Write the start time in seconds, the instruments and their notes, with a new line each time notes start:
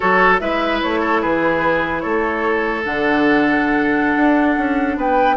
0.00 bassoon F#3, clarinet F#4, oboe A4, flute C#5
0.39 bassoon G#3, clarinet E4, oboe B4, flute E5
0.82 bassoon A3, flute C#5
1.00 oboe A4
1.21 bassoon E3, oboe G#4, flute B4
2.00 bassoon A3, oboe A4, flute C#5
2.84 bassoon D3, clarinet D4, flute F#5
4.15 bassoon D4
4.57 bassoon C#4
4.96 bassoon B3, oboe B4, flute G5